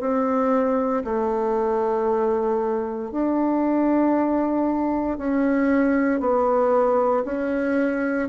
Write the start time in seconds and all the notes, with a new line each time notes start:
0.00 C4
1.04 A3
3.11 D4
5.17 C#4
6.20 B3
7.25 C#4